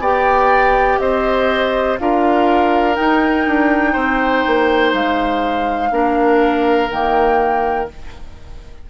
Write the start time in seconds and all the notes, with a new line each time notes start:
0.00 B3 G4 D5 G5
0.99 C4 C5 D#5
1.99 D4 F4 A#4 F5
2.94 D#4 G5
3.47 D4
3.93 C4 C5
4.47 A#3
4.93 G#3 F5
5.91 A#3 D4 A#4
6.90 D#3 A#3 G5